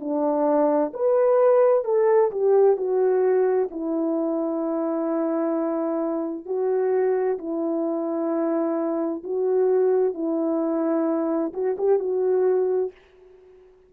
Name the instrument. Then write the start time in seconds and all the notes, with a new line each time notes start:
horn
0.00 D4
0.94 B4
1.85 A4
2.31 G4
2.77 F#4
3.71 E4
6.46 F#4
7.38 E4
9.24 F#4
10.14 E4
11.53 F#4
11.78 G4
12.00 F#4